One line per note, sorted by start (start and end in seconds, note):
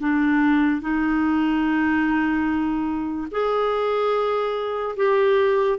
0.00 0.81 D4
0.81 3.28 D#4
3.31 4.95 G#4
4.97 5.78 G4